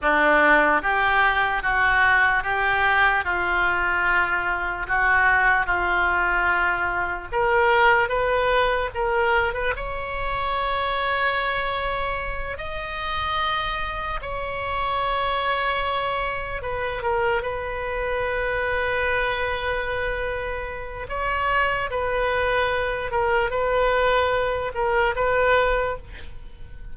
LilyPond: \new Staff \with { instrumentName = "oboe" } { \time 4/4 \tempo 4 = 74 d'4 g'4 fis'4 g'4 | f'2 fis'4 f'4~ | f'4 ais'4 b'4 ais'8. b'16 | cis''2.~ cis''8 dis''8~ |
dis''4. cis''2~ cis''8~ | cis''8 b'8 ais'8 b'2~ b'8~ | b'2 cis''4 b'4~ | b'8 ais'8 b'4. ais'8 b'4 | }